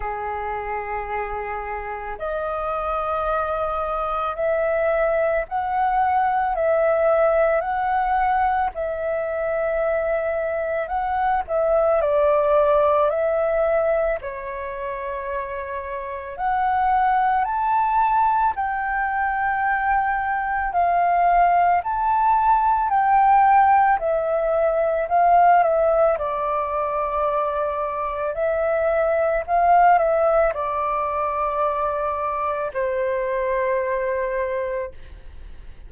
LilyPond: \new Staff \with { instrumentName = "flute" } { \time 4/4 \tempo 4 = 55 gis'2 dis''2 | e''4 fis''4 e''4 fis''4 | e''2 fis''8 e''8 d''4 | e''4 cis''2 fis''4 |
a''4 g''2 f''4 | a''4 g''4 e''4 f''8 e''8 | d''2 e''4 f''8 e''8 | d''2 c''2 | }